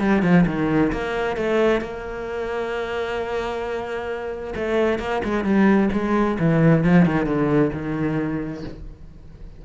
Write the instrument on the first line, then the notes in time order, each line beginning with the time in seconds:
cello
0.00 G3
0.23 F3
0.46 D#3
0.92 A#3
1.37 A3
1.81 A#3
4.55 A3
4.99 A#3
5.24 G#3
5.44 G3
5.93 G#3
6.39 E3
6.84 F3
7.05 D#3
7.26 D3
7.73 D#3